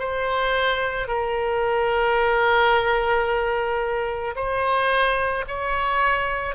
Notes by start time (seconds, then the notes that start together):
0.00 C5
1.08 A#4
4.36 C5
5.48 C#5